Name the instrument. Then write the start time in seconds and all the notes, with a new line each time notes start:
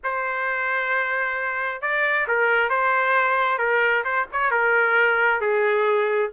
trumpet
0.03 C5
1.81 D5
2.27 A#4
2.69 C5
3.58 A#4
4.04 C5
4.32 C#5
4.51 A#4
5.40 G#4